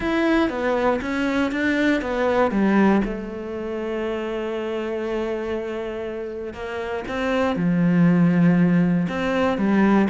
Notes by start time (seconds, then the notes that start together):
0.00 E4
0.49 B3
1.01 C#4
1.51 D4
2.01 B3
2.51 G3
3.05 A3
6.53 A#3
7.07 C4
7.55 F3
9.08 C4
9.57 G3